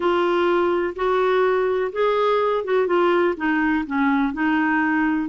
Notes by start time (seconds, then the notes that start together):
0.00 F4
0.95 F#4
1.92 G#4
2.64 F#4
2.86 F4
3.36 D#4
3.86 C#4
4.33 D#4